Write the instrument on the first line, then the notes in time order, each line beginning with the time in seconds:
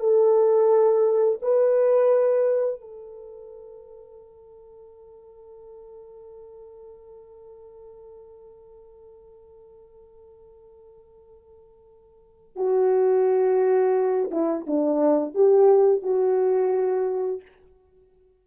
horn
0.00 A4
1.42 B4
2.81 A4
12.56 F#4
14.31 E4
14.67 D4
15.35 G4
16.02 F#4